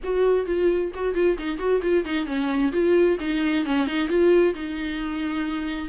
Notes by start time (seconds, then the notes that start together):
0.03 F#4
0.45 F4
0.94 F#4
1.14 F4
1.38 D#4
1.58 F#4
1.82 F4
2.04 D#4
2.26 C#4
2.72 F4
3.20 D#4
3.65 C#4
3.87 D#4
4.08 F4
4.54 D#4